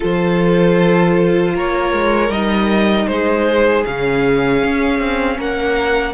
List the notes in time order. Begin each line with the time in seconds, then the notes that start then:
0.00 F3 F4 A4 C5
1.53 A#3 A#4 C#5
1.92 G#3
2.29 G3 D#4 D#5
3.07 G#3 G#4 C5
3.85 C#3 C#4 F5
4.62 C#4
4.99 C4
5.37 A#3 A#4 F#5